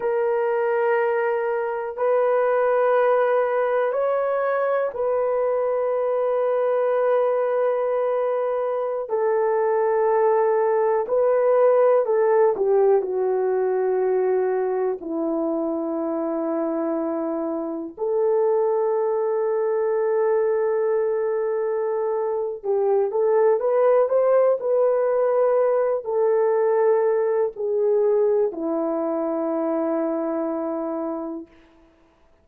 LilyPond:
\new Staff \with { instrumentName = "horn" } { \time 4/4 \tempo 4 = 61 ais'2 b'2 | cis''4 b'2.~ | b'4~ b'16 a'2 b'8.~ | b'16 a'8 g'8 fis'2 e'8.~ |
e'2~ e'16 a'4.~ a'16~ | a'2. g'8 a'8 | b'8 c''8 b'4. a'4. | gis'4 e'2. | }